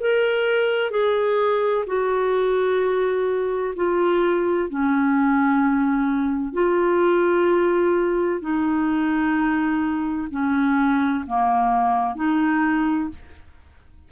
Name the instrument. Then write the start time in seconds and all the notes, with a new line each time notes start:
clarinet
0.00 A#4
0.91 G#4
1.87 F#4
3.76 F4
4.70 C#4
6.53 F4
8.41 D#4
10.31 C#4
11.27 A#3
12.16 D#4